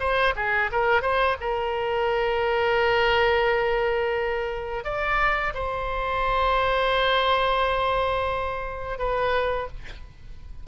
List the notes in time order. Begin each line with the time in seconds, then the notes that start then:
0.00 C5
0.36 G#4
0.72 A#4
1.02 C5
1.41 A#4
4.84 D5
5.54 C5
8.99 B4